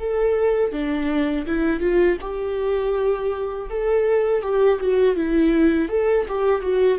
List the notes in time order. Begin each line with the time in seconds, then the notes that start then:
0.00 A4
0.72 D4
1.47 E4
1.80 F4
2.21 G4
3.70 A4
4.42 G4
4.81 F#4
5.16 E4
5.89 A4
6.29 G4
6.62 F#4